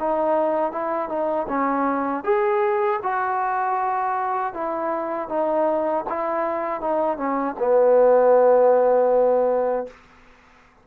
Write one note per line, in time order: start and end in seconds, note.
0.00 0.72 D#4
0.72 1.09 E4
1.09 1.47 D#4
1.49 2.24 C#4
2.24 3.00 G#4
3.03 4.54 F#4
4.54 5.30 E4
5.30 6.06 D#4
6.10 6.81 E4
6.81 7.18 D#4
7.18 7.56 C#4
7.59 9.87 B3